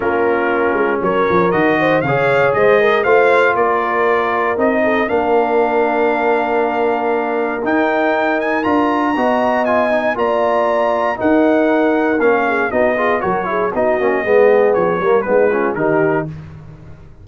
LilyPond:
<<
  \new Staff \with { instrumentName = "trumpet" } { \time 4/4 \tempo 4 = 118 ais'2 cis''4 dis''4 | f''4 dis''4 f''4 d''4~ | d''4 dis''4 f''2~ | f''2. g''4~ |
g''8 gis''8 ais''2 gis''4 | ais''2 fis''2 | f''4 dis''4 cis''4 dis''4~ | dis''4 cis''4 b'4 ais'4 | }
  \new Staff \with { instrumentName = "horn" } { \time 4/4 f'2 ais'4. c''8 | cis''4 c''8 ais'8 c''4 ais'4~ | ais'4. a'8 ais'2~ | ais'1~ |
ais'2 dis''2 | d''2 ais'2~ | ais'8 gis'8 fis'8 gis'8 ais'8 gis'8 fis'4 | gis'4. ais'8 dis'8 f'8 g'4 | }
  \new Staff \with { instrumentName = "trombone" } { \time 4/4 cis'2. fis'4 | gis'2 f'2~ | f'4 dis'4 d'2~ | d'2. dis'4~ |
dis'4 f'4 fis'4 f'8 dis'8 | f'2 dis'2 | cis'4 dis'8 f'8 fis'8 e'8 dis'8 cis'8 | b4. ais8 b8 cis'8 dis'4 | }
  \new Staff \with { instrumentName = "tuba" } { \time 4/4 ais4. gis8 fis8 f8 dis4 | cis4 gis4 a4 ais4~ | ais4 c'4 ais2~ | ais2. dis'4~ |
dis'4 d'4 b2 | ais2 dis'2 | ais4 b4 fis4 b8 ais8 | gis4 f8 g8 gis4 dis4 | }
>>